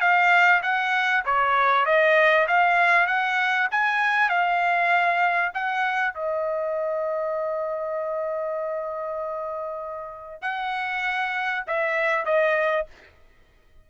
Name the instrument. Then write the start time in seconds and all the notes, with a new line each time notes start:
trumpet
0.00 F5
0.62 F#5
1.25 C#5
1.85 D#5
2.48 F5
3.07 F#5
3.71 G#5
4.29 F5
5.54 F#5
6.14 D#5
10.41 F#5
11.67 E5
12.25 D#5